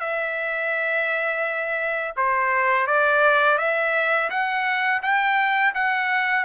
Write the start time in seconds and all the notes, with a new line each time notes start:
0.00 E5
2.17 C5
2.87 D5
3.58 E5
4.30 F#5
5.02 G5
5.74 F#5